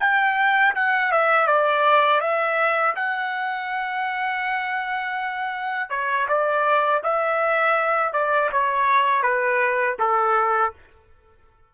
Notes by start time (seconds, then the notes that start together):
0.00 G5
0.75 F#5
1.12 E5
1.47 D5
2.21 E5
2.96 F#5
5.90 C#5
6.28 D5
7.03 E5
8.13 D5
8.52 C#5
9.23 B4
9.99 A4